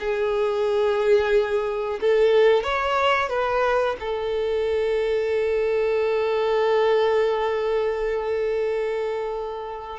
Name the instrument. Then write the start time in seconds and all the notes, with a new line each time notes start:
violin
0.00 G#4
2.01 A4
2.64 C#5
3.30 B4
4.00 A4